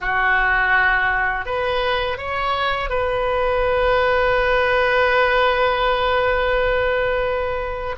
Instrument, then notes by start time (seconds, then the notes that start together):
oboe
0.00 F#4
1.45 B4
2.17 C#5
2.89 B4